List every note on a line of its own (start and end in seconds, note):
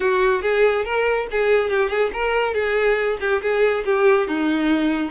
0.00 0.42 F#4
0.42 0.84 G#4
0.84 1.27 A#4
1.31 1.70 G#4
1.70 1.89 G4
1.89 2.10 G#4
2.13 2.54 A#4
2.54 3.18 G#4
3.20 3.41 G4
3.42 3.84 G#4
3.85 4.27 G4
4.27 5.10 D#4